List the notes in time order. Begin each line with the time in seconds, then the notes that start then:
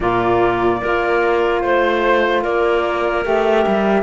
0.00 A#2 A#3 F4 D5
0.80 A#3 F4 A#4
1.60 A3 C5
2.42 A#3 A#4 D5
3.23 A3 G4 E5
3.67 G3